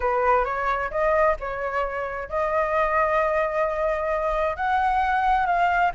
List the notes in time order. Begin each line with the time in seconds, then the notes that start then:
0.00 B4
0.44 C#5
0.90 D#5
1.39 C#5
2.29 D#5
4.56 F#5
5.46 F5